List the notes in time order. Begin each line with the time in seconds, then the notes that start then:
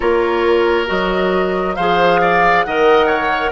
0.00 A#3 F4 A#4 C#5
0.86 F#3 F#4 D#5
1.75 F3 G#4 C5 F5
2.21 D5
2.63 D#3 A#4 D#5 F#5
3.06 C#5